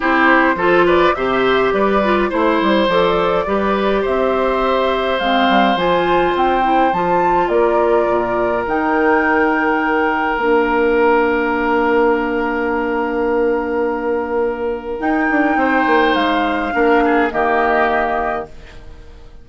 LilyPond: <<
  \new Staff \with { instrumentName = "flute" } { \time 4/4 \tempo 4 = 104 c''4. d''8 e''4 d''4 | c''4 d''2 e''4~ | e''4 f''4 gis''4 g''4 | a''4 d''2 g''4~ |
g''2 f''2~ | f''1~ | f''2 g''2 | f''2 dis''2 | }
  \new Staff \with { instrumentName = "oboe" } { \time 4/4 g'4 a'8 b'8 c''4 b'4 | c''2 b'4 c''4~ | c''1~ | c''4 ais'2.~ |
ais'1~ | ais'1~ | ais'2. c''4~ | c''4 ais'8 gis'8 g'2 | }
  \new Staff \with { instrumentName = "clarinet" } { \time 4/4 e'4 f'4 g'4. f'8 | e'4 a'4 g'2~ | g'4 c'4 f'4. e'8 | f'2. dis'4~ |
dis'2 d'2~ | d'1~ | d'2 dis'2~ | dis'4 d'4 ais2 | }
  \new Staff \with { instrumentName = "bassoon" } { \time 4/4 c'4 f4 c4 g4 | a8 g8 f4 g4 c'4~ | c'4 gis8 g8 f4 c'4 | f4 ais4 ais,4 dis4~ |
dis2 ais2~ | ais1~ | ais2 dis'8 d'8 c'8 ais8 | gis4 ais4 dis2 | }
>>